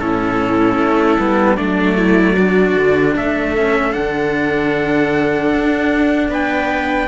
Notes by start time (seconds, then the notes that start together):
0.00 A2 C#4 E4 A4
0.79 A3
1.19 G3 B3
1.57 F#3 A3 D4 D5
1.97 E4
2.34 D4 F#4
2.76 D3
3.17 A3 A4 E5
3.57 C#4
3.93 D3 D4 F#5
5.54 D4
6.29 B3 B4 G5